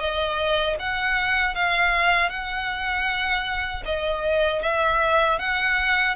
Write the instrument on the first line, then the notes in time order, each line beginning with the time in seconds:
violin
0.00 D#5
0.79 F#5
1.55 F5
2.30 F#5
3.85 D#5
4.62 E5
5.39 F#5